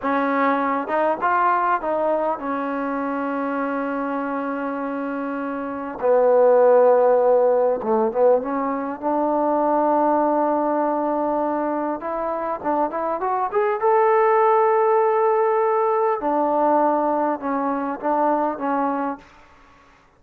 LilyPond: \new Staff \with { instrumentName = "trombone" } { \time 4/4 \tempo 4 = 100 cis'4. dis'8 f'4 dis'4 | cis'1~ | cis'2 b2~ | b4 a8 b8 cis'4 d'4~ |
d'1 | e'4 d'8 e'8 fis'8 gis'8 a'4~ | a'2. d'4~ | d'4 cis'4 d'4 cis'4 | }